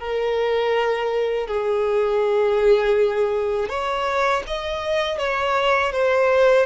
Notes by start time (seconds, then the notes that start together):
0.00 A#4
1.47 G#4
3.69 C#5
4.47 D#5
5.18 C#5
5.92 C5